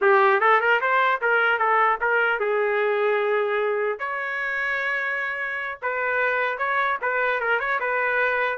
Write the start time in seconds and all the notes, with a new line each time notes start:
0.01 G4
0.40 A4
0.60 A#4
0.80 C5
1.21 A#4
1.59 A4
2.00 A#4
2.39 G#4
3.99 C#5
5.82 B4
6.57 C#5
7.01 B4
7.40 A#4
7.59 C#5
7.80 B4